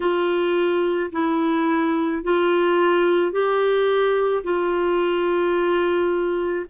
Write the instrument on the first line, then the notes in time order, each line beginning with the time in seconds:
clarinet
0.00 F4
1.12 E4
2.23 F4
3.32 G4
4.43 F4